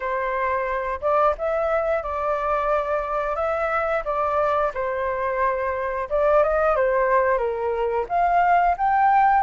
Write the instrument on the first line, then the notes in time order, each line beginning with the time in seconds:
flute
0.00 C5
1.01 D5
1.38 E5
2.02 D5
3.35 E5
4.04 D5
4.74 C5
6.09 D5
6.43 D#5
6.76 C5
7.38 A#4
8.08 F5
8.77 G5